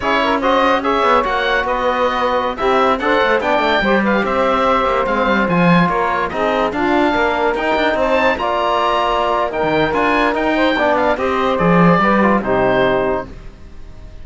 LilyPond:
<<
  \new Staff \with { instrumentName = "oboe" } { \time 4/4 \tempo 4 = 145 cis''4 dis''4 e''4 fis''4 | dis''2~ dis''16 e''4 fis''8.~ | fis''16 g''4. f''8 e''4.~ e''16~ | e''16 f''4 gis''4 cis''4 dis''8.~ |
dis''16 f''2 g''4 a''8.~ | a''16 ais''2~ ais''8. g''4 | gis''4 g''4. f''8 dis''4 | d''2 c''2 | }
  \new Staff \with { instrumentName = "saxophone" } { \time 4/4 gis'8 ais'8 c''4 cis''2 | b'2~ b'16 g'4 c''8.~ | c''16 d''4 c''8 b'8 c''4.~ c''16~ | c''2~ c''16 ais'4 gis'8.~ |
gis'16 f'4 ais'2 c''8.~ | c''16 d''2~ d''8. ais'4~ | ais'4. c''8 d''4 c''4~ | c''4 b'4 g'2 | }
  \new Staff \with { instrumentName = "trombone" } { \time 4/4 e'4 fis'4 gis'4 fis'4~ | fis'2~ fis'16 e'4 a'8.~ | a'16 d'4 g'2~ g'8.~ | g'16 c'4 f'2 dis'8.~ |
dis'16 d'2 dis'4.~ dis'16~ | dis'16 f'2~ f'8. dis'4 | f'4 dis'4 d'4 g'4 | gis'4 g'8 f'8 dis'2 | }
  \new Staff \with { instrumentName = "cello" } { \time 4/4 cis'2~ cis'8 b8 ais4 | b2~ b16 c'4 d'8 a16~ | a16 b8 a8 g4 c'4. ais16~ | ais16 gis8 g8 f4 ais4 c'8.~ |
c'16 d'4 ais4 dis'8 d'8 c'8.~ | c'16 ais2. dis8. | d'4 dis'4 b4 c'4 | f4 g4 c2 | }
>>